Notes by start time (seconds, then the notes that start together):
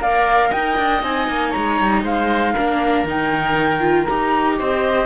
0.00 A#3 A#4 D5 F5
0.50 D#4 D#5 G5
0.78 D4
1.03 C4 D#4 G#5
1.28 A#3
1.50 C#5 A#5
1.56 G#3
1.81 G3
2.04 G#3 C5 F5
2.53 A#3 D4 A#4
3.04 D#3 D#4 G5
3.80 F4
4.05 D#4 G4 A#5
4.59 C4 C5 D#5